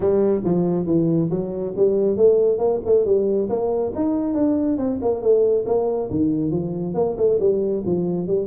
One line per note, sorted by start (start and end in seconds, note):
0.00 0.41 G3
0.44 0.86 F3
0.86 1.29 E3
1.30 1.74 F#3
1.76 2.16 G3
2.16 2.58 A3
2.58 2.80 A#3
2.85 3.05 A3
3.05 3.48 G3
3.49 3.92 A#3
3.95 4.34 D#4
4.34 4.77 D4
4.77 4.99 C4
5.01 5.21 A#3
5.21 5.64 A3
5.66 6.09 A#3
6.10 6.51 D#3
6.51 6.94 F3
6.94 7.16 A#3
7.17 7.39 A3
7.39 7.83 G3
7.85 8.27 F3
8.27 8.46 G3